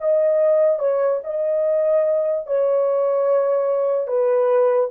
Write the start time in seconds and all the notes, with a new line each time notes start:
0.00 D#5
0.79 C#5
1.23 D#5
2.46 C#5
4.07 B4